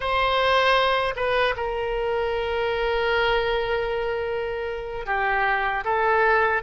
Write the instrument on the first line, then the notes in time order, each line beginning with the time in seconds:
oboe
0.00 C5
1.15 B4
1.56 A#4
5.05 G4
5.84 A4